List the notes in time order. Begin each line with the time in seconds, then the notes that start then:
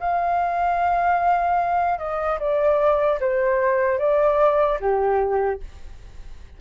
0.00 F5
1.99 D#5
2.40 D5
3.20 C5
3.99 D5
4.80 G4